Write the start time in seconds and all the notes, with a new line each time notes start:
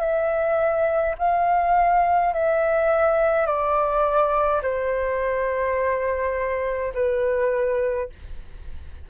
0.00 E5
1.18 F5
2.33 E5
3.46 D5
4.63 C5
6.94 B4